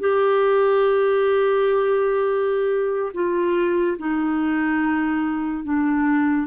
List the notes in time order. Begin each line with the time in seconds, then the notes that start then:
0.00 G4
3.14 F4
3.98 D#4
5.64 D4